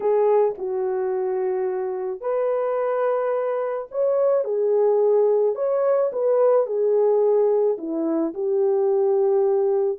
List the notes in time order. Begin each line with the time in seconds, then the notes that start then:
0.00 G#4
0.57 F#4
2.20 B4
3.91 C#5
4.44 G#4
5.55 C#5
6.12 B4
6.66 G#4
7.78 E4
8.34 G4